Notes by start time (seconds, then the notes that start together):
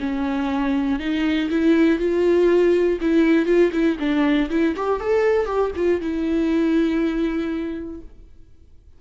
0.00 C#4
1.00 D#4
1.51 E4
2.00 F4
3.01 E4
3.46 F4
3.73 E4
4.00 D4
4.50 E4
4.77 G4
5.01 A4
5.46 G4
5.76 F4
6.02 E4